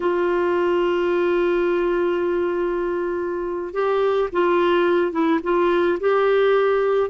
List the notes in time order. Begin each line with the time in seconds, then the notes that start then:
0.00 F4
3.73 G4
4.32 F4
5.11 E4
5.43 F4
6.00 G4